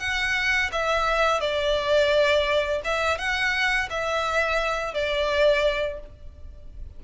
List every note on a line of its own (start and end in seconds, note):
0.00 0.71 F#5
0.72 1.41 E5
1.41 2.82 D5
2.85 3.19 E5
3.19 3.89 F#5
3.90 4.94 E5
4.94 6.00 D5